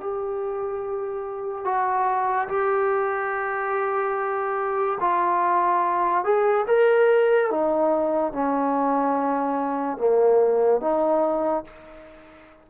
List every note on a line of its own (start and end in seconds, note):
0.00 1.65 G4
1.65 2.48 F#4
2.48 4.98 G4
5.00 6.25 F4
6.25 6.66 G#4
6.67 7.50 A#4
7.50 8.33 D#4
8.33 9.97 C#4
9.97 10.81 A#3
10.81 11.64 D#4